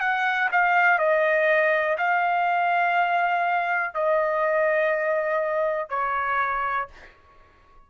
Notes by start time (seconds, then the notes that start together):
0.00 F#5
0.52 F5
0.99 D#5
1.98 F5
3.94 D#5
5.89 C#5